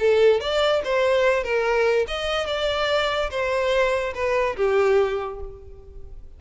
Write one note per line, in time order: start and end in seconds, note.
0.00 0.41 A4
0.41 0.82 D5
0.85 1.44 C5
1.44 2.06 A#4
2.08 2.47 D#5
2.47 3.30 D5
3.30 4.14 C5
4.14 4.56 B4
4.57 5.40 G4